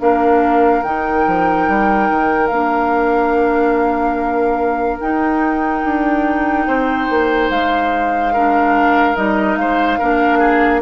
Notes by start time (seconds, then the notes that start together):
0.00 A#3 D4 A#4 F5
0.83 D#3 D#4 G5
1.27 F3
1.68 G3
2.10 D#3
2.48 A#3 D4 F5
5.01 D#4 G5
5.84 D4
6.67 C4 C5
7.10 A#3
7.50 G#3 F5
8.34 D4 A#4
9.16 G3 D#4 D#5
9.56 G#3 C5 F5
9.99 A#3 D4 A#4
10.39 G#4